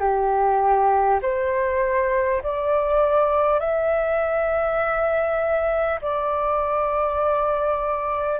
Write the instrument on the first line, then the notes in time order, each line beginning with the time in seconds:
flute
0.00 G4
1.22 C5
2.43 D5
3.60 E5
6.02 D5